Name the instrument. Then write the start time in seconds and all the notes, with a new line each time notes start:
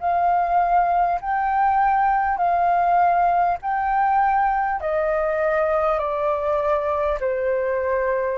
flute
0.00 F5
1.21 G5
2.37 F5
3.62 G5
4.81 D#5
5.98 D5
7.20 C5